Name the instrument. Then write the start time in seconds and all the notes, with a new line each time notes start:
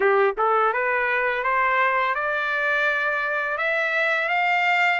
trumpet
0.00 G4
0.37 A4
0.73 B4
1.43 C5
2.14 D5
3.57 E5
4.28 F5